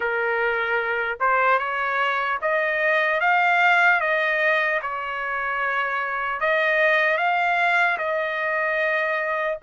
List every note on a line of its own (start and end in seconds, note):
0.00 1.18 A#4
1.20 1.59 C5
1.59 2.39 C#5
2.41 3.20 D#5
3.20 4.00 F5
4.00 4.80 D#5
4.82 6.40 C#5
6.40 7.17 D#5
7.17 7.97 F5
7.98 9.58 D#5